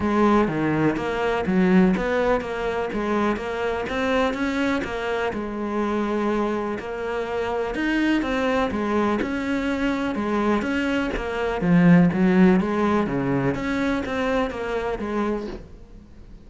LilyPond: \new Staff \with { instrumentName = "cello" } { \time 4/4 \tempo 4 = 124 gis4 dis4 ais4 fis4 | b4 ais4 gis4 ais4 | c'4 cis'4 ais4 gis4~ | gis2 ais2 |
dis'4 c'4 gis4 cis'4~ | cis'4 gis4 cis'4 ais4 | f4 fis4 gis4 cis4 | cis'4 c'4 ais4 gis4 | }